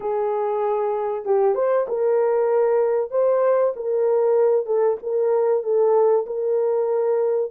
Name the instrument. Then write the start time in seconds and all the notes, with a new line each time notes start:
horn
0.00 G#4
1.25 G4
1.55 C5
1.88 A#4
3.11 C5
3.76 A#4
4.66 A4
5.02 A#4
5.63 A4
6.26 A#4